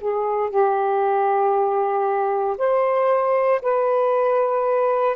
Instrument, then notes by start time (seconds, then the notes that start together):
saxophone
0.00 G#4
0.49 G4
2.57 C5
3.61 B4